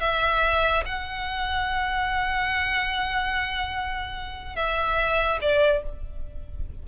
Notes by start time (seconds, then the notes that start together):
0.00 E5
0.85 F#5
4.55 E5
5.41 D5